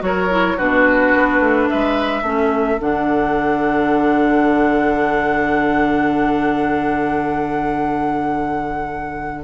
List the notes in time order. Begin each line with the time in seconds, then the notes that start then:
0.00 F#3 F#4 A#4 C#5
0.30 E4
0.57 B2 D4 F#4 B4
1.14 B3
1.39 A3
1.69 G#3 B4 E5
2.22 A3 C#4 A4
2.79 D3 D4 F#5